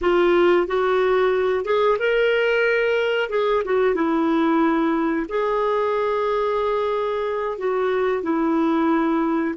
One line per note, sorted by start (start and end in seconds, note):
0.01 0.67 F4
0.67 1.65 F#4
1.65 1.98 G#4
1.98 3.29 A#4
3.29 3.62 G#4
3.64 3.94 F#4
3.94 5.26 E4
5.28 7.58 G#4
7.58 8.22 F#4
8.22 9.54 E4